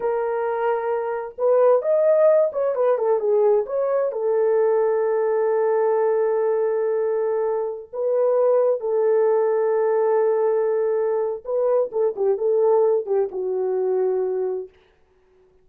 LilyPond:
\new Staff \with { instrumentName = "horn" } { \time 4/4 \tempo 4 = 131 ais'2. b'4 | dis''4. cis''8 b'8 a'8 gis'4 | cis''4 a'2.~ | a'1~ |
a'4~ a'16 b'2 a'8.~ | a'1~ | a'4 b'4 a'8 g'8 a'4~ | a'8 g'8 fis'2. | }